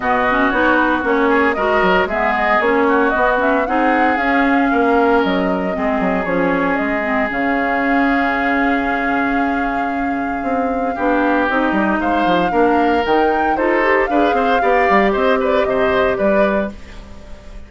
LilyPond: <<
  \new Staff \with { instrumentName = "flute" } { \time 4/4 \tempo 4 = 115 dis''4 cis''8 b'8 cis''4 dis''4 | e''8 dis''8 cis''4 dis''8 e''8 fis''4 | f''2 dis''2 | cis''4 dis''4 f''2~ |
f''1~ | f''2 dis''4 f''4~ | f''4 g''4 c''4 f''4~ | f''4 dis''8 d''8 dis''4 d''4 | }
  \new Staff \with { instrumentName = "oboe" } { \time 4/4 fis'2~ fis'8 gis'8 ais'4 | gis'4. fis'4. gis'4~ | gis'4 ais'2 gis'4~ | gis'1~ |
gis'1~ | gis'4 g'2 c''4 | ais'2 a'4 b'8 c''8 | d''4 c''8 b'8 c''4 b'4 | }
  \new Staff \with { instrumentName = "clarinet" } { \time 4/4 b8 cis'8 dis'4 cis'4 fis'4 | b4 cis'4 b8 cis'8 dis'4 | cis'2. c'4 | cis'4. c'8 cis'2~ |
cis'1~ | cis'4 d'4 dis'2 | d'4 dis'4 f'8 g'8 gis'4 | g'1 | }
  \new Staff \with { instrumentName = "bassoon" } { \time 4/4 b,4 b4 ais4 gis8 fis8 | gis4 ais4 b4 c'4 | cis'4 ais4 fis4 gis8 fis8 | f4 gis4 cis2~ |
cis1 | c'4 b4 c'8 g8 gis8 f8 | ais4 dis4 dis'4 d'8 c'8 | b8 g8 c'4 c4 g4 | }
>>